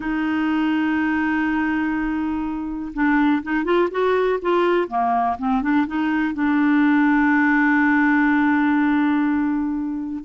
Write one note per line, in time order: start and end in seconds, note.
0.00 2.92 D#4
2.93 3.42 D4
3.42 3.64 D#4
3.64 3.88 F4
3.90 4.39 F#4
4.41 4.88 F4
4.88 5.36 A#3
5.38 5.62 C4
5.62 5.86 D4
5.87 6.33 D#4
6.33 10.24 D4